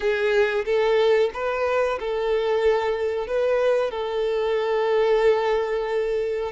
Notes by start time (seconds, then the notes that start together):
0.00 G#4
0.65 A4
1.33 B4
1.99 A4
3.27 B4
3.90 A4